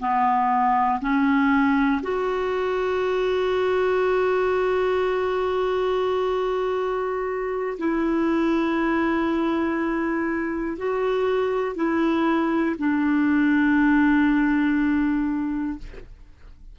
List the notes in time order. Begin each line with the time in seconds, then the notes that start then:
0.00 B3
1.01 C#4
2.02 F#4
7.79 E4
10.77 F#4
11.76 E4
12.79 D4